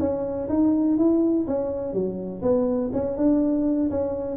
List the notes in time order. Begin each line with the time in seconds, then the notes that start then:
0.00 C#4
0.49 D#4
0.98 E4
1.48 C#4
1.93 F#3
2.43 B3
2.93 C#4
3.17 D4
3.91 C#4